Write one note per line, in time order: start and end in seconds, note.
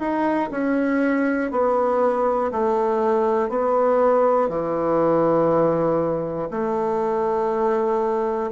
0.00 0.50 D#4
0.52 1.52 C#4
1.52 2.52 B3
2.52 3.50 A3
3.50 4.50 B3
4.50 6.50 E3
6.51 8.51 A3